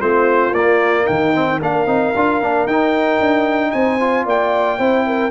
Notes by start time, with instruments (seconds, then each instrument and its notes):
0.00 tuba A3, trombone C4, horn F4, trumpet C5
0.52 tuba A#3, trombone A#3, trumpet D5
1.04 tuba D#3, horn D#4, trumpet G5
1.34 trombone C4
1.58 tuba A#3, trombone D4, horn A#4, trumpet F5
1.87 tuba C4, trombone D#4
2.16 tuba D4, trombone F4
2.42 tuba A#3, trombone D4
2.66 tuba D#4, trombone D#4, trumpet G5
3.20 tuba D4
3.71 tuba C4, horn C5, trumpet G#5
4.00 trombone F4
4.25 tuba A#3, horn D5, trumpet G5
4.78 tuba C4, trombone E4, horn C5
5.07 horn A#4